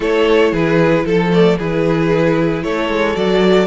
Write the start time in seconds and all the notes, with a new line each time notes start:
0.00 A3 E4 A4 C#5
0.51 E3 G#4 B4
1.05 F3 A4
1.31 A3 D5
1.57 E3 E4 G#4 B4
2.63 A3 A4 C#5
2.89 G#3
3.14 F#3 F#4 D5